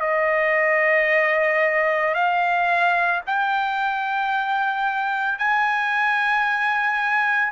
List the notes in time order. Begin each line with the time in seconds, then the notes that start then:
0.00 D#5
2.14 F5
3.26 G5
5.38 G#5